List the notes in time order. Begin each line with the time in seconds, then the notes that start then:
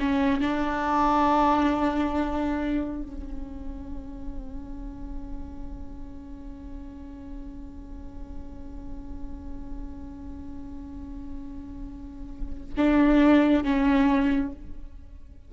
0.00 C#4
0.41 D4
3.03 C#4
12.77 D4
13.64 C#4